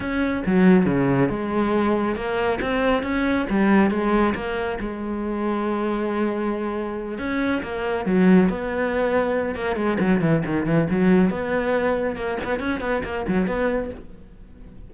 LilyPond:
\new Staff \with { instrumentName = "cello" } { \time 4/4 \tempo 4 = 138 cis'4 fis4 cis4 gis4~ | gis4 ais4 c'4 cis'4 | g4 gis4 ais4 gis4~ | gis1~ |
gis8 cis'4 ais4 fis4 b8~ | b2 ais8 gis8 fis8 e8 | dis8 e8 fis4 b2 | ais8 b8 cis'8 b8 ais8 fis8 b4 | }